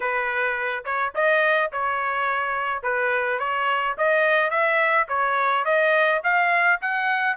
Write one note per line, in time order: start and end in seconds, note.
0.00 0.84 B4
0.84 1.13 C#5
1.14 1.71 D#5
1.71 2.83 C#5
2.83 3.39 B4
3.39 3.95 C#5
3.97 4.50 D#5
4.50 5.07 E5
5.08 5.64 C#5
5.64 6.21 D#5
6.23 6.80 F5
6.81 7.36 F#5